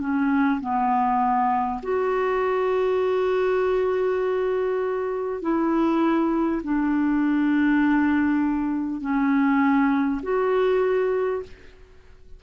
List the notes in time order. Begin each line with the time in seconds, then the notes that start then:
0.00 C#4
0.60 B3
1.82 F#4
5.42 E4
6.63 D4
9.01 C#4
10.22 F#4